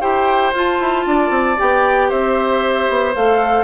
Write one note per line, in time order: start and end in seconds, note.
0.00 0.53 E4
0.00 0.53 G4
0.00 1.04 C5
0.00 0.53 G5
0.53 0.79 F4
0.53 1.57 F4
0.53 1.59 A5
0.79 1.05 E4
1.06 1.30 D4
1.06 2.08 D5
1.30 1.56 C4
1.57 2.11 B3
1.57 3.13 G4
1.57 2.10 G5
2.08 2.89 C4
2.08 3.63 C5
2.08 3.14 E5
2.89 3.15 B3
3.14 3.63 A3
3.14 3.63 A4
3.14 3.63 F5